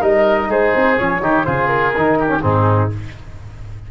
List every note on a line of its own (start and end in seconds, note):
0.00 0.48 G3
0.00 0.96 D#4
0.00 0.48 A#4
0.00 0.51 D#5
0.48 0.72 G#3
0.48 1.22 G#4
0.48 0.98 C5
0.75 0.99 C4
0.96 1.21 F3
0.96 1.21 C#4
0.96 1.45 C#5
1.21 1.45 D#3
1.21 1.45 D#4
1.21 1.46 G4
1.45 1.95 C#3
1.45 1.93 F4
1.45 2.18 G#4
1.45 1.67 C5
1.67 2.39 A#4
1.96 2.43 D#3
1.96 2.27 D#4
2.19 2.42 G4
2.27 2.39 C#4
2.42 2.91 G#2
2.42 2.90 C4
2.42 2.90 D#4
2.42 2.90 G#4